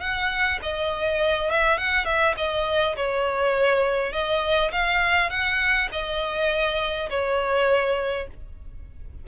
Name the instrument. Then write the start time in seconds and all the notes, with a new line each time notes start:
violin
0.00 F#5
0.62 D#5
1.50 E5
1.78 F#5
2.05 E5
2.37 D#5
2.96 C#5
4.12 D#5
4.72 F5
5.30 F#5
5.91 D#5
7.09 C#5